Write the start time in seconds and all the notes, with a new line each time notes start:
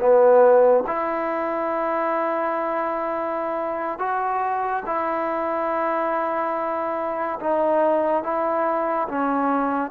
0.00 B3
0.87 E4
3.99 F#4
4.86 E4
7.40 D#4
8.24 E4
9.09 C#4